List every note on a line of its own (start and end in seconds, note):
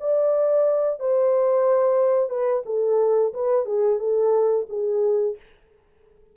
0.00 0.99 D5
0.99 2.30 C5
2.30 2.63 B4
2.66 3.33 A4
3.33 3.66 B4
3.66 3.99 G#4
3.99 4.66 A4
4.69 5.37 G#4